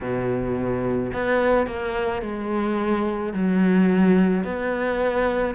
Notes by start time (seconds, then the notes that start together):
0.01 B2
1.13 B3
1.66 A#3
2.22 G#3
3.33 F#3
4.44 B3